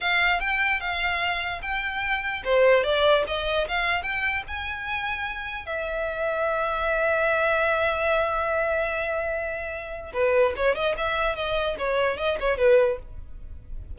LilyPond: \new Staff \with { instrumentName = "violin" } { \time 4/4 \tempo 4 = 148 f''4 g''4 f''2 | g''2 c''4 d''4 | dis''4 f''4 g''4 gis''4~ | gis''2 e''2~ |
e''1~ | e''1~ | e''4 b'4 cis''8 dis''8 e''4 | dis''4 cis''4 dis''8 cis''8 b'4 | }